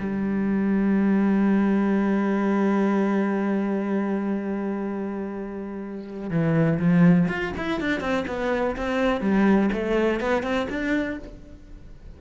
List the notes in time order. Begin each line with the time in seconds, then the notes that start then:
0.00 G3
6.30 E3
6.79 F3
7.28 F4
7.57 E4
7.80 D4
8.00 C4
8.27 B3
8.76 C4
9.21 G3
9.72 A3
10.20 B3
10.43 C4
10.70 D4